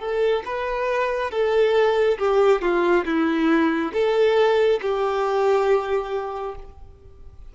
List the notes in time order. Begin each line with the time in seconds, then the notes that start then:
0.00 A4
0.45 B4
1.31 A4
2.19 G4
2.62 F4
3.06 E4
3.93 A4
4.82 G4